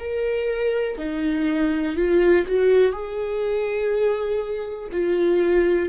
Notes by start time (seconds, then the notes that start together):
0.00 A#4
0.98 D#4
1.96 F4
2.47 F#4
2.93 G#4
4.92 F4